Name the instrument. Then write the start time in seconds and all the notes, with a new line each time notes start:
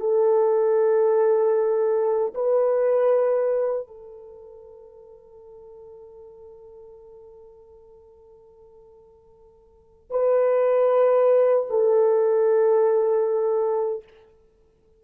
horn
0.00 A4
2.34 B4
3.87 A4
10.10 B4
11.70 A4